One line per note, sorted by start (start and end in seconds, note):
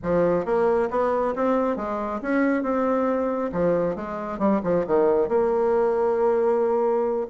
0.02 0.45 F3
0.45 0.89 A#3
0.90 1.34 B3
1.35 1.76 C4
1.76 2.20 G#3
2.21 2.62 C#4
2.62 3.51 C4
3.52 3.95 F3
3.95 4.38 G#3
4.38 4.60 G3
4.63 4.85 F3
4.86 5.28 D#3
5.28 7.27 A#3